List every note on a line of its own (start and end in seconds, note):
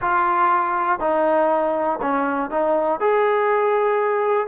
0.01 0.99 F4
0.99 1.99 D#4
2.01 2.50 C#4
2.50 3.00 D#4
3.00 4.47 G#4